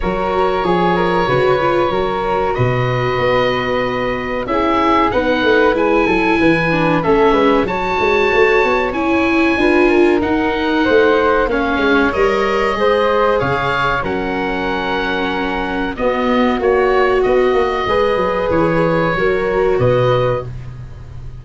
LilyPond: <<
  \new Staff \with { instrumentName = "oboe" } { \time 4/4 \tempo 4 = 94 cis''1 | dis''2. e''4 | fis''4 gis''2 e''4 | a''2 gis''2 |
fis''2 f''4 dis''4~ | dis''4 f''4 fis''2~ | fis''4 dis''4 cis''4 dis''4~ | dis''4 cis''2 dis''4 | }
  \new Staff \with { instrumentName = "flute" } { \time 4/4 ais'4 gis'8 ais'8 b'4 ais'4 | b'2. gis'4 | b'4. a'8 b'4 a'8 b'8 | cis''2. b'8 ais'8~ |
ais'4 c''4 cis''2 | c''4 cis''4 ais'2~ | ais'4 fis'2. | b'2 ais'4 b'4 | }
  \new Staff \with { instrumentName = "viola" } { \time 4/4 fis'4 gis'4 fis'8 f'8 fis'4~ | fis'2. e'4 | dis'4 e'4. d'8 cis'4 | fis'2 e'4 f'4 |
dis'2 cis'4 ais'4 | gis'2 cis'2~ | cis'4 b4 fis'2 | gis'2 fis'2 | }
  \new Staff \with { instrumentName = "tuba" } { \time 4/4 fis4 f4 cis4 fis4 | b,4 b2 cis'4 | b8 a8 gis8 fis8 e4 a8 gis8 | fis8 gis8 a8 b8 cis'4 d'4 |
dis'4 a4 ais8 gis8 g4 | gis4 cis4 fis2~ | fis4 b4 ais4 b8 ais8 | gis8 fis8 e4 fis4 b,4 | }
>>